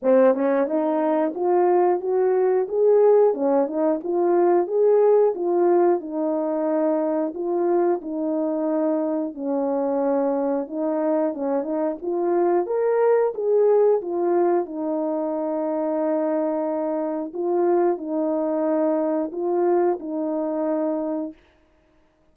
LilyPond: \new Staff \with { instrumentName = "horn" } { \time 4/4 \tempo 4 = 90 c'8 cis'8 dis'4 f'4 fis'4 | gis'4 cis'8 dis'8 f'4 gis'4 | f'4 dis'2 f'4 | dis'2 cis'2 |
dis'4 cis'8 dis'8 f'4 ais'4 | gis'4 f'4 dis'2~ | dis'2 f'4 dis'4~ | dis'4 f'4 dis'2 | }